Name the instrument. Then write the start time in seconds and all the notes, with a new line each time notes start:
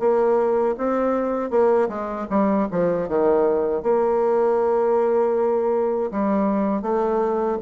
bassoon
0.00 A#3
0.78 C4
1.51 A#3
1.89 G#3
2.30 G3
2.71 F3
3.09 D#3
3.83 A#3
6.12 G3
6.82 A3